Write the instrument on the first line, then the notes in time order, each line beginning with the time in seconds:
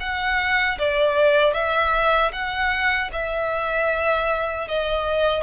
violin
0.00 F#5
0.79 D5
1.53 E5
2.32 F#5
3.12 E5
4.68 D#5